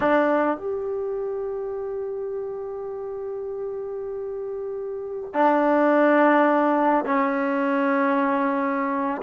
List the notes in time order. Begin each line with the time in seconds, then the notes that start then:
0.00 D4
0.57 G4
5.33 D4
7.05 C#4